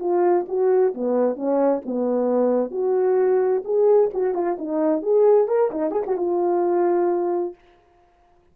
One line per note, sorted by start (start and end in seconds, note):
0.00 0.46 F4
0.48 0.94 F#4
0.94 1.36 B3
1.36 1.82 C#4
1.85 2.71 B3
2.71 3.63 F#4
3.65 4.10 G#4
4.14 4.34 F#4
4.34 4.57 F4
4.58 5.02 D#4
5.02 5.48 G#4
5.48 5.71 A#4
5.71 5.91 D#4
5.91 6.03 G#4
6.07 6.17 F#4
6.17 7.55 F4